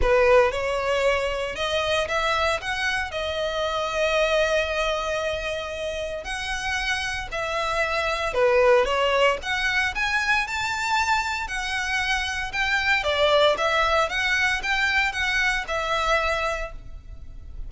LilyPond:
\new Staff \with { instrumentName = "violin" } { \time 4/4 \tempo 4 = 115 b'4 cis''2 dis''4 | e''4 fis''4 dis''2~ | dis''1 | fis''2 e''2 |
b'4 cis''4 fis''4 gis''4 | a''2 fis''2 | g''4 d''4 e''4 fis''4 | g''4 fis''4 e''2 | }